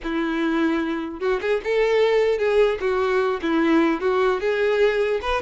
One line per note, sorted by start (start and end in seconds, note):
0.03 1.20 E4
1.20 1.40 F#4
1.41 1.61 G#4
1.64 2.38 A4
2.38 2.78 G#4
2.80 3.40 F#4
3.41 4.00 E4
4.00 4.40 F#4
4.40 5.20 G#4
5.21 5.41 B4